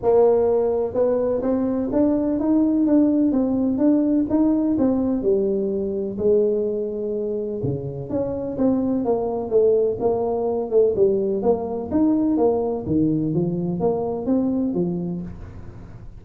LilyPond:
\new Staff \with { instrumentName = "tuba" } { \time 4/4 \tempo 4 = 126 ais2 b4 c'4 | d'4 dis'4 d'4 c'4 | d'4 dis'4 c'4 g4~ | g4 gis2. |
cis4 cis'4 c'4 ais4 | a4 ais4. a8 g4 | ais4 dis'4 ais4 dis4 | f4 ais4 c'4 f4 | }